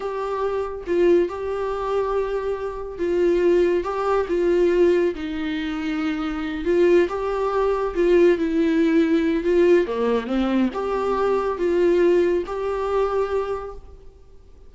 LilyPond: \new Staff \with { instrumentName = "viola" } { \time 4/4 \tempo 4 = 140 g'2 f'4 g'4~ | g'2. f'4~ | f'4 g'4 f'2 | dis'2.~ dis'8 f'8~ |
f'8 g'2 f'4 e'8~ | e'2 f'4 ais4 | c'4 g'2 f'4~ | f'4 g'2. | }